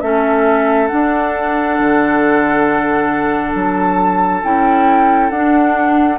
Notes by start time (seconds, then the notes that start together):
0.00 A3 C#4 A4 E5
0.87 D4 F#5
1.79 D3
3.54 F#3 A5
4.42 C#4 E4 G5
5.30 D4 F#5